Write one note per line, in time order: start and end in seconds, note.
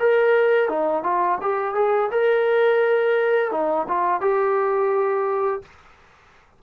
0.00 0.69 A#4
0.69 1.03 D#4
1.03 1.39 F4
1.41 1.75 G4
1.75 2.10 G#4
2.11 3.52 A#4
3.52 3.87 D#4
3.88 4.21 F4
4.21 5.62 G4